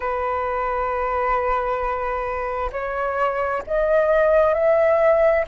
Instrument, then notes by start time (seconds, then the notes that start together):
flute
0.00 B4
2.71 C#5
3.67 D#5
4.54 E5